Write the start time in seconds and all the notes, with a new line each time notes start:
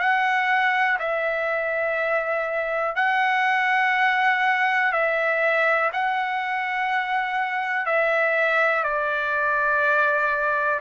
0.00 F#5
1.00 E5
2.96 F#5
4.93 E5
5.93 F#5
7.86 E5
8.84 D5